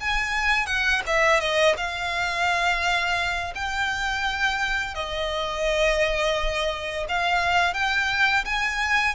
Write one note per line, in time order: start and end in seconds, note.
0.00 0.66 G#5
0.66 1.01 F#5
1.06 1.40 E5
1.40 1.75 D#5
1.77 3.53 F5
3.55 4.94 G5
4.94 7.06 D#5
7.08 7.74 F5
7.74 8.44 G5
8.45 9.15 G#5